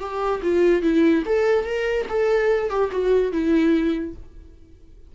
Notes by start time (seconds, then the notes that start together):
0.00 G4
0.43 F4
0.82 E4
1.26 A4
1.65 A#4
2.09 A4
2.70 G4
2.91 F#4
3.32 E4